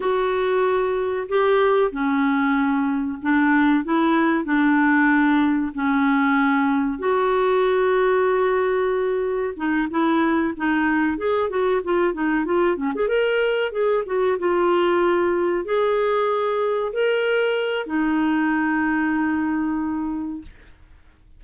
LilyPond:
\new Staff \with { instrumentName = "clarinet" } { \time 4/4 \tempo 4 = 94 fis'2 g'4 cis'4~ | cis'4 d'4 e'4 d'4~ | d'4 cis'2 fis'4~ | fis'2. dis'8 e'8~ |
e'8 dis'4 gis'8 fis'8 f'8 dis'8 f'8 | cis'16 gis'16 ais'4 gis'8 fis'8 f'4.~ | f'8 gis'2 ais'4. | dis'1 | }